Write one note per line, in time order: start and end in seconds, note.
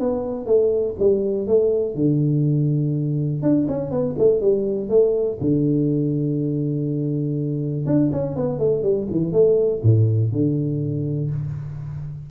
0.00 0.46 B3
0.46 0.95 A3
0.99 1.48 G3
1.48 1.95 A3
1.95 3.42 D3
3.43 3.67 D4
3.68 3.91 C#4
3.91 4.16 B3
4.19 4.41 A3
4.41 4.90 G3
4.90 5.39 A3
5.41 7.86 D3
7.86 8.11 D4
8.12 8.36 C#4
8.36 8.59 B3
8.59 8.83 A3
8.83 9.08 G3
9.11 9.33 E3
9.33 9.82 A3
9.83 10.32 A2
10.32 11.31 D3